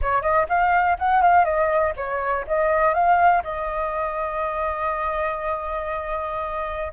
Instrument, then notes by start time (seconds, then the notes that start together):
flute
0.01 C#5
0.22 D#5
0.49 F5
0.99 F#5
1.22 F5
1.44 D#5
1.96 C#5
2.47 D#5
2.94 F5
3.43 D#5